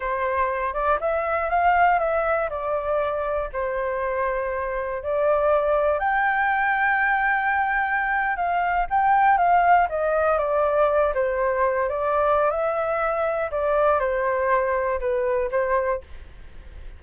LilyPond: \new Staff \with { instrumentName = "flute" } { \time 4/4 \tempo 4 = 120 c''4. d''8 e''4 f''4 | e''4 d''2 c''4~ | c''2 d''2 | g''1~ |
g''8. f''4 g''4 f''4 dis''16~ | dis''8. d''4. c''4. d''16~ | d''4 e''2 d''4 | c''2 b'4 c''4 | }